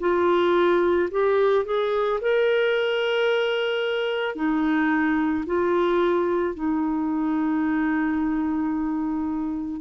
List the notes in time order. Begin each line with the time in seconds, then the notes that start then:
0.00 F4
1.11 G4
1.65 G#4
2.21 A#4
4.35 D#4
5.46 F4
6.55 D#4